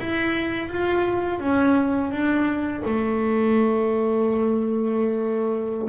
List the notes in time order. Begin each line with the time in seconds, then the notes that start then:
0.00 E4
0.69 F4
1.40 C#4
2.12 D4
2.86 A3